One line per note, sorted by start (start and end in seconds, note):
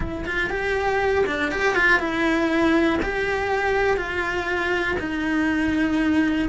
0.00 0.25 E4
0.25 0.50 F4
0.50 1.25 G4
1.26 1.51 D4
1.51 1.75 G4
1.75 1.99 F4
1.99 2.99 E4
3.02 3.96 G4
3.96 4.96 F4
4.99 6.48 D#4